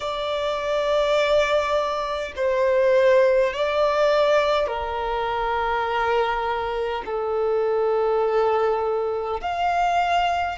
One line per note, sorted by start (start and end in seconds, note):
0.00 2.33 D5
2.36 3.53 C5
3.53 4.67 D5
4.67 7.02 A#4
7.05 9.41 A4
9.41 10.58 F5